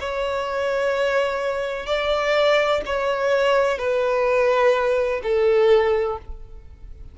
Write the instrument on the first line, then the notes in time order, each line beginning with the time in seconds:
violin
0.00 C#5
1.86 D5
2.86 C#5
3.79 B4
5.23 A4